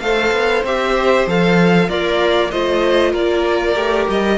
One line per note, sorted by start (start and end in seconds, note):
0.00 0.31 A3
0.00 0.65 A4
0.00 1.89 C5
0.00 0.63 F5
0.32 0.63 B3
0.64 1.26 C4
0.64 1.28 G4
0.64 1.28 E5
1.26 1.89 F3
1.26 1.89 A4
1.26 1.89 F5
1.89 2.52 A#3
1.89 2.51 F4
1.89 2.51 A#4
1.89 2.51 D5
2.51 3.13 A3
2.51 3.75 F4
2.51 3.12 C5
2.51 3.13 D#5
3.12 3.76 A#3
3.12 4.37 A#4
3.12 4.08 D5
3.75 4.07 A3
3.75 4.38 G4
4.09 4.38 G3
4.09 4.38 D#5